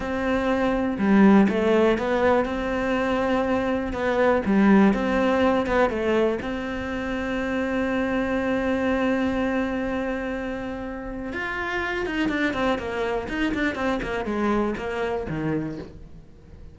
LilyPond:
\new Staff \with { instrumentName = "cello" } { \time 4/4 \tempo 4 = 122 c'2 g4 a4 | b4 c'2. | b4 g4 c'4. b8 | a4 c'2.~ |
c'1~ | c'2. f'4~ | f'8 dis'8 d'8 c'8 ais4 dis'8 d'8 | c'8 ais8 gis4 ais4 dis4 | }